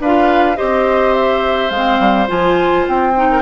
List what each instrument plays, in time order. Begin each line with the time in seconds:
0.00 bassoon D4, oboe B4, flute F5
0.06 clarinet F4
0.56 bassoon C4, clarinet G4, oboe C5, flute D#5
1.13 flute E5
1.70 bassoon G#3, flute F5
1.76 clarinet C4
2.00 bassoon G3
2.27 bassoon F3, clarinet F4, flute G#5
2.88 bassoon C4, flute G5
3.16 clarinet D#4
3.32 oboe A#4